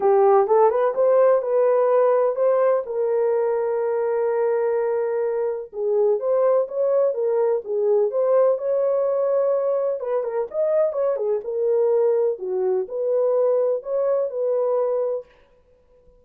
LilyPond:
\new Staff \with { instrumentName = "horn" } { \time 4/4 \tempo 4 = 126 g'4 a'8 b'8 c''4 b'4~ | b'4 c''4 ais'2~ | ais'1 | gis'4 c''4 cis''4 ais'4 |
gis'4 c''4 cis''2~ | cis''4 b'8 ais'8 dis''4 cis''8 gis'8 | ais'2 fis'4 b'4~ | b'4 cis''4 b'2 | }